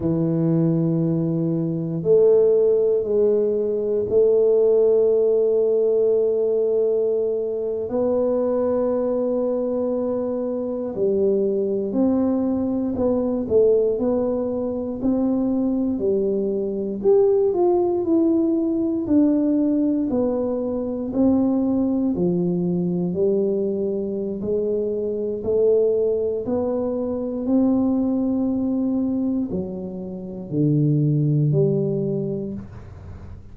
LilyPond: \new Staff \with { instrumentName = "tuba" } { \time 4/4 \tempo 4 = 59 e2 a4 gis4 | a2.~ a8. b16~ | b2~ b8. g4 c'16~ | c'8. b8 a8 b4 c'4 g16~ |
g8. g'8 f'8 e'4 d'4 b16~ | b8. c'4 f4 g4~ g16 | gis4 a4 b4 c'4~ | c'4 fis4 d4 g4 | }